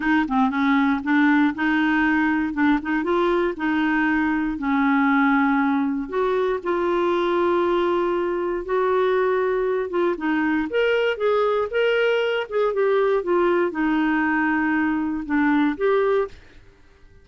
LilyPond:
\new Staff \with { instrumentName = "clarinet" } { \time 4/4 \tempo 4 = 118 dis'8 c'8 cis'4 d'4 dis'4~ | dis'4 d'8 dis'8 f'4 dis'4~ | dis'4 cis'2. | fis'4 f'2.~ |
f'4 fis'2~ fis'8 f'8 | dis'4 ais'4 gis'4 ais'4~ | ais'8 gis'8 g'4 f'4 dis'4~ | dis'2 d'4 g'4 | }